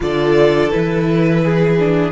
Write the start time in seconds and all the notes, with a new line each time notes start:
0.00 D3 F4 A4 D5
0.70 E3 E4 B4
1.43 G#4
1.79 D4